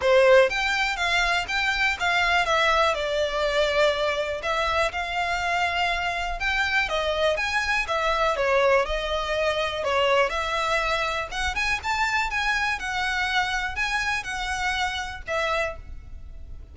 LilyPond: \new Staff \with { instrumentName = "violin" } { \time 4/4 \tempo 4 = 122 c''4 g''4 f''4 g''4 | f''4 e''4 d''2~ | d''4 e''4 f''2~ | f''4 g''4 dis''4 gis''4 |
e''4 cis''4 dis''2 | cis''4 e''2 fis''8 gis''8 | a''4 gis''4 fis''2 | gis''4 fis''2 e''4 | }